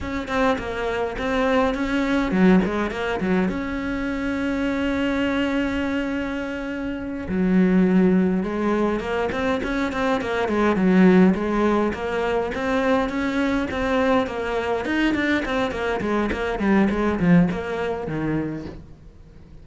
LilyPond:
\new Staff \with { instrumentName = "cello" } { \time 4/4 \tempo 4 = 103 cis'8 c'8 ais4 c'4 cis'4 | fis8 gis8 ais8 fis8 cis'2~ | cis'1~ | cis'8 fis2 gis4 ais8 |
c'8 cis'8 c'8 ais8 gis8 fis4 gis8~ | gis8 ais4 c'4 cis'4 c'8~ | c'8 ais4 dis'8 d'8 c'8 ais8 gis8 | ais8 g8 gis8 f8 ais4 dis4 | }